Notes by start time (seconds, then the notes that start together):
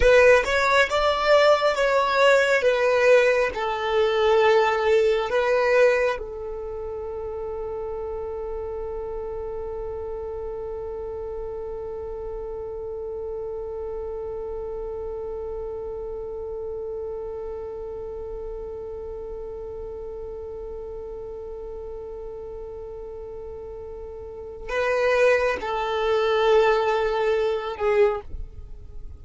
0.00 B4
0.45 C#5
0.89 D5
1.75 C#5
2.62 B4
3.54 A4
5.29 B4
6.18 A4
24.69 B4
25.60 A4
27.76 G#4